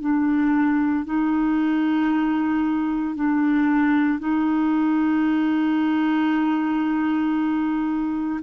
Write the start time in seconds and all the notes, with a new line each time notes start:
0.00 D4
1.05 D#4
3.15 D4
4.19 D#4